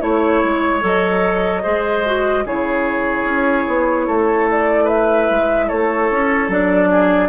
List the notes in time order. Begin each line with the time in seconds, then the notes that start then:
0.00 A3 E4 C#5
0.43 G#3
0.80 F#3 A4 D#5
1.62 G#3 G#4 C5
2.05 F#4
2.45 C#3 E4 G#4 C#5
3.23 C#4
3.67 B3
4.06 A3 A4
4.50 D5
4.84 B4 E5
5.29 G#3
5.67 A3 A4 C#5
6.10 C#4
6.48 F#3 D4 D5
6.90 G#4